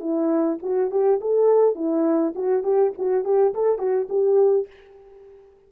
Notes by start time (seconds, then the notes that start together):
0.00 E4
0.62 F#4
0.91 G4
1.21 A4
1.75 E4
2.35 F#4
2.63 G4
2.98 F#4
3.24 G4
3.54 A4
3.78 F#4
4.09 G4